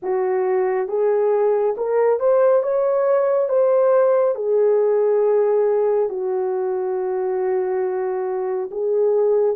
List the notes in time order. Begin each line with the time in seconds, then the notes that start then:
0.02 F#4
0.88 G#4
1.77 A#4
2.19 C5
2.62 C#5
3.49 C5
4.35 G#4
6.09 F#4
8.71 G#4